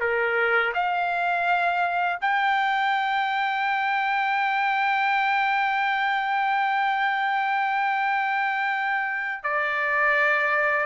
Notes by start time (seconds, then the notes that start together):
0.00 A#4
0.74 F5
2.20 G5
9.43 D5